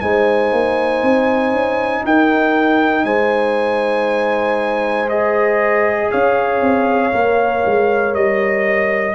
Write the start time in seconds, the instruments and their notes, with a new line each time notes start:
0.00 tuba G#3, trombone D#4, horn C5, trumpet G#5
0.52 tuba A#3
1.03 tuba C4
1.52 tuba C#4
2.04 tuba D#4, horn A#4, trumpet G5
3.04 tuba G#3, horn C5, trumpet G#5
5.09 trombone G#4, trumpet D#5
6.10 tuba C#4, horn C#5, trumpet F5
6.61 tuba C4
7.12 tuba A#3, trombone A#4
7.66 tuba G#3
8.14 tuba G3, trumpet D#5